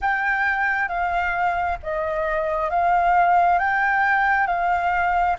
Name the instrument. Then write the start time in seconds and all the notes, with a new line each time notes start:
flute
0.01 G5
0.88 F5
1.82 D#5
2.70 F5
3.58 G5
4.47 F5